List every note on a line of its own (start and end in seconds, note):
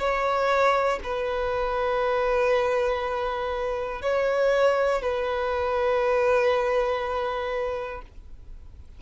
0.00 1.00 C#5
1.04 4.02 B4
4.02 5.02 C#5
5.02 8.02 B4